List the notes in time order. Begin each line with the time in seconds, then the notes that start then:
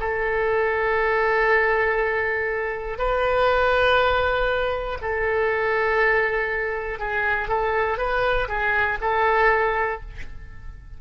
0.00 A4
2.98 B4
5.01 A4
6.99 G#4
7.48 A4
7.98 B4
8.48 G#4
9.01 A4